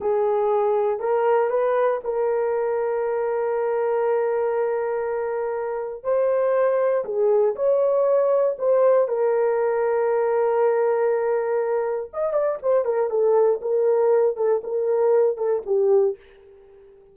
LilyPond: \new Staff \with { instrumentName = "horn" } { \time 4/4 \tempo 4 = 119 gis'2 ais'4 b'4 | ais'1~ | ais'1 | c''2 gis'4 cis''4~ |
cis''4 c''4 ais'2~ | ais'1 | dis''8 d''8 c''8 ais'8 a'4 ais'4~ | ais'8 a'8 ais'4. a'8 g'4 | }